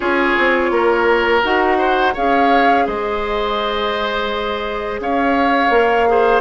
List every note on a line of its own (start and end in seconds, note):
0.00 0.36 C#4
0.00 1.42 F4
0.00 0.70 G#4
0.00 1.42 C#5
0.37 0.70 C4
0.70 1.42 A#3
0.70 1.78 A#4
1.43 2.15 D#4
1.43 2.14 F#4
1.43 2.15 F#5
1.78 2.13 C5
2.13 2.87 C#4
2.13 5.71 G#4
2.13 2.85 C#5
2.13 2.87 F5
2.86 4.99 G#3
2.86 5.00 C5
2.86 5.01 D#5
4.99 5.70 C#4
4.99 6.09 C#5
4.99 6.41 F5
5.70 6.41 A#3
5.70 6.07 A#4
6.07 6.41 G#4
6.07 6.41 C5